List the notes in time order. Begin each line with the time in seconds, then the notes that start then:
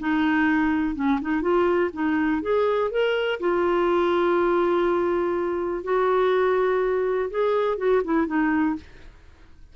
0.00 D#4
0.96 C#4
1.21 D#4
1.42 F4
1.93 D#4
2.42 G#4
2.91 A#4
3.40 F4
5.84 F#4
7.31 G#4
7.78 F#4
8.04 E4
8.27 D#4